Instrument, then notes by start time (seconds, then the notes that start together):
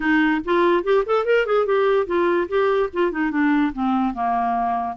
clarinet
0.00 D#4
0.45 F4
0.83 G4
1.06 A4
1.25 A#4
1.46 G#4
1.66 G4
2.06 F4
2.48 G4
2.93 F4
3.11 D#4
3.30 D4
3.73 C4
4.13 A#3